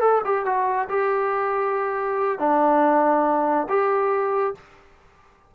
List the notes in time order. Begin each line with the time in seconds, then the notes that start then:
0.00 A4
0.25 G4
0.45 F#4
0.89 G4
2.39 D4
3.69 G4